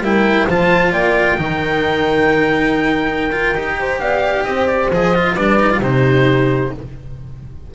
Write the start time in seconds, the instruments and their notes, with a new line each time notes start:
0.00 double bass G3, cello E4, horn A#4, oboe G5
0.47 double bass F3, cello F4, horn C5, oboe A5
0.92 double bass A#3, horn D5, oboe G5
1.37 double bass D#3, cello D#4, horn A#4
3.32 cello F4
3.54 double bass D#4, cello G4
3.78 horn C5
3.99 double bass B3, horn D5, oboe F5
4.44 double bass C4, horn C5, oboe D#5
4.67 oboe D5
4.91 double bass F3, cello G#4, oboe D#5
5.14 cello F4
5.34 double bass G3, cello D4, horn B4, oboe D5
5.59 cello D#4
5.70 cello F4
5.80 double bass C3, cello D#4, horn G4, oboe C5